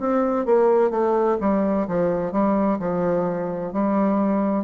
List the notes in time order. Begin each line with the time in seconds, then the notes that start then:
0.00 C4
0.46 A#3
0.91 A3
1.41 G3
1.87 F3
2.32 G3
2.79 F3
3.73 G3